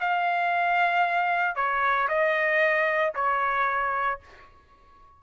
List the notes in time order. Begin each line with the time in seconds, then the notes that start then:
0.00 F5
1.56 C#5
2.08 D#5
3.15 C#5